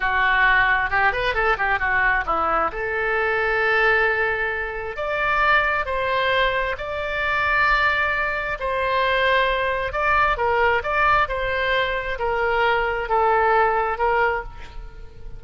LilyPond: \new Staff \with { instrumentName = "oboe" } { \time 4/4 \tempo 4 = 133 fis'2 g'8 b'8 a'8 g'8 | fis'4 e'4 a'2~ | a'2. d''4~ | d''4 c''2 d''4~ |
d''2. c''4~ | c''2 d''4 ais'4 | d''4 c''2 ais'4~ | ais'4 a'2 ais'4 | }